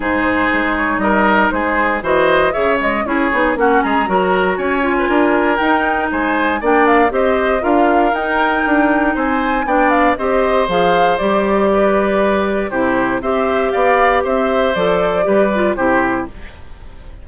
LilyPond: <<
  \new Staff \with { instrumentName = "flute" } { \time 4/4 \tempo 4 = 118 c''4. cis''8 dis''4 c''4 | dis''4 e''8 dis''8 cis''4 fis''8 ais''8~ | ais''4 gis''2 g''4 | gis''4 g''8 f''8 dis''4 f''4 |
g''2 gis''4 g''8 f''8 | dis''4 f''4 d''2~ | d''4 c''4 e''4 f''4 | e''4 d''2 c''4 | }
  \new Staff \with { instrumentName = "oboe" } { \time 4/4 gis'2 ais'4 gis'4 | c''4 cis''4 gis'4 fis'8 gis'8 | ais'4 cis''8. b'16 ais'2 | c''4 d''4 c''4 ais'4~ |
ais'2 c''4 d''4 | c''2. b'4~ | b'4 g'4 c''4 d''4 | c''2 b'4 g'4 | }
  \new Staff \with { instrumentName = "clarinet" } { \time 4/4 dis'1 | fis'4 gis'8 gis8 e'8 dis'8 cis'4 | fis'4. f'4. dis'4~ | dis'4 d'4 g'4 f'4 |
dis'2. d'4 | g'4 gis'4 g'2~ | g'4 e'4 g'2~ | g'4 a'4 g'8 f'8 e'4 | }
  \new Staff \with { instrumentName = "bassoon" } { \time 4/4 gis,4 gis4 g4 gis4 | e4 cis4 cis'8 b8 ais8 gis8 | fis4 cis'4 d'4 dis'4 | gis4 ais4 c'4 d'4 |
dis'4 d'4 c'4 b4 | c'4 f4 g2~ | g4 c4 c'4 b4 | c'4 f4 g4 c4 | }
>>